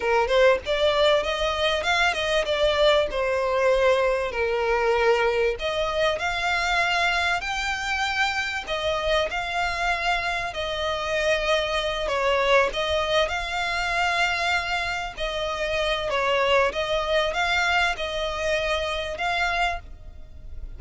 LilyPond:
\new Staff \with { instrumentName = "violin" } { \time 4/4 \tempo 4 = 97 ais'8 c''8 d''4 dis''4 f''8 dis''8 | d''4 c''2 ais'4~ | ais'4 dis''4 f''2 | g''2 dis''4 f''4~ |
f''4 dis''2~ dis''8 cis''8~ | cis''8 dis''4 f''2~ f''8~ | f''8 dis''4. cis''4 dis''4 | f''4 dis''2 f''4 | }